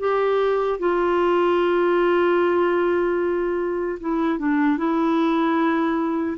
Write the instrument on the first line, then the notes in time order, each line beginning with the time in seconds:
clarinet
0.00 G4
0.80 F4
4.01 E4
4.39 D4
4.78 E4